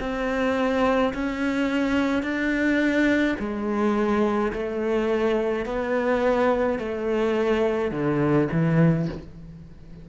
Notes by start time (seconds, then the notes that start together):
0.00 C4
1.14 C#4
2.23 D4
3.39 G#3
4.53 A3
5.66 B3
6.79 A3
7.91 D3
8.52 E3